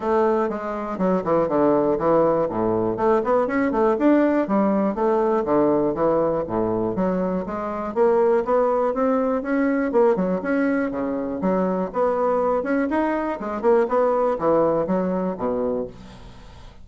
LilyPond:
\new Staff \with { instrumentName = "bassoon" } { \time 4/4 \tempo 4 = 121 a4 gis4 fis8 e8 d4 | e4 a,4 a8 b8 cis'8 a8 | d'4 g4 a4 d4 | e4 a,4 fis4 gis4 |
ais4 b4 c'4 cis'4 | ais8 fis8 cis'4 cis4 fis4 | b4. cis'8 dis'4 gis8 ais8 | b4 e4 fis4 b,4 | }